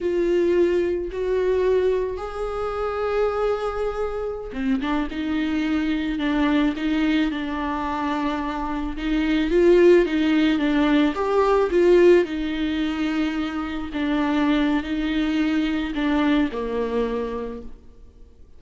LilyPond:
\new Staff \with { instrumentName = "viola" } { \time 4/4 \tempo 4 = 109 f'2 fis'2 | gis'1~ | gis'16 c'8 d'8 dis'2 d'8.~ | d'16 dis'4 d'2~ d'8.~ |
d'16 dis'4 f'4 dis'4 d'8.~ | d'16 g'4 f'4 dis'4.~ dis'16~ | dis'4~ dis'16 d'4.~ d'16 dis'4~ | dis'4 d'4 ais2 | }